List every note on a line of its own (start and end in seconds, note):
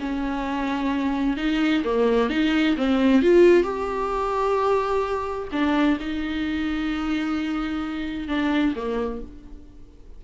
0.00 1.37 C#4
1.37 1.83 D#4
1.84 2.30 A#3
2.30 2.76 D#4
2.77 3.22 C4
3.22 3.63 F4
3.63 5.48 G4
5.52 5.98 D4
6.00 8.28 D#4
8.28 8.74 D4
8.75 9.22 A#3